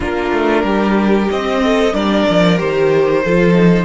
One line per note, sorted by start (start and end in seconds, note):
0.00 0.31 A#3
0.00 1.28 D4
0.00 0.63 F4
0.00 1.30 A#4
0.31 0.63 A3
0.63 1.28 G3
0.63 1.62 G4
1.30 1.93 C4
1.30 1.94 D#5
1.63 1.94 A4
1.93 2.25 G3
1.93 2.57 D4
1.93 3.23 A#4
1.93 2.58 D5
2.29 2.60 F3
2.57 3.25 D#3
2.57 3.22 G4
2.57 3.85 C5
3.24 3.85 F3
3.24 3.53 F4
3.24 3.85 A4
3.53 3.85 D#4